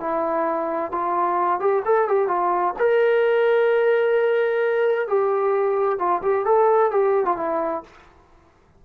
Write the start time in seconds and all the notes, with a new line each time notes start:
0.00 E4
0.92 F4
1.60 G4
1.85 A4
2.08 G4
2.28 F4
2.79 A#4
5.08 G4
5.99 F4
6.22 G4
6.46 A4
6.92 G4
7.25 F4
7.37 E4